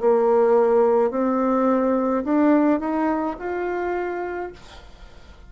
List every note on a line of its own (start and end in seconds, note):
0.00 1.11 A#3
1.11 2.24 C4
2.24 2.79 D4
2.79 3.36 D#4
3.39 4.52 F4